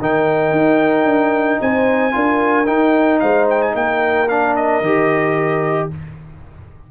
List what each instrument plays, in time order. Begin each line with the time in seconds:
0.00 tuba D#3, trombone D#4, horn A#4, trumpet G5
0.51 tuba D#4
1.05 tuba D4
1.61 tuba C4, horn C5, trumpet G#5
2.12 tuba D4, trombone F4, horn A#4
2.66 trombone D#4, tuba D#4, trumpet G5
3.20 tuba G#3, horn C5, trumpet F5
3.50 trumpet G5
3.62 trumpet G#5
3.73 tuba A#3, horn A#4, trumpet G5
4.29 trombone D4, trumpet F5
4.56 trumpet D#5
4.81 tuba D#3, trombone G4